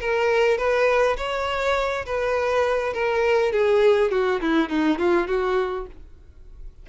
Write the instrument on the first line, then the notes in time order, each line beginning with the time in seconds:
violin
0.00 A#4
0.57 B4
1.17 C#5
2.05 B4
2.93 A#4
3.52 G#4
4.11 F#4
4.41 E4
4.69 D#4
4.98 F4
5.27 F#4